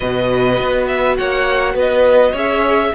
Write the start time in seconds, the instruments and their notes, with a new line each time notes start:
0.00 cello B2, viola F#4, violin B4 D#5
0.59 cello B3
0.87 violin E5
1.16 cello A#3, violin C#5 F#5
1.74 cello B3, violin B4 D#5
2.31 cello C#4, viola G#4, violin C#5 E5